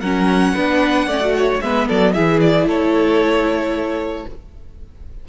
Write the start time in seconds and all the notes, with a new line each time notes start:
0.00 F#3 C#4 A#4 F#5
0.54 B3 D4 B4
1.06 A3 C#4 D5
1.20 F#4
1.37 C#5
1.61 G#3 B3 B4 E5
1.88 F#3 A4 D5
2.13 E3 E4 G#4 E5
2.41 D5
2.65 A3 A4 C#5